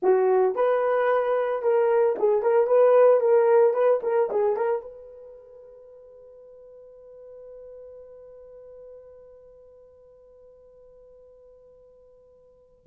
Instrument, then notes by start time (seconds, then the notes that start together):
horn
0.02 F#4
0.55 B4
1.62 A#4
2.18 G#4
2.42 A#4
2.66 B4
3.20 A#4
3.73 B4
4.03 A#4
4.30 G#4
4.56 A#4
4.81 B4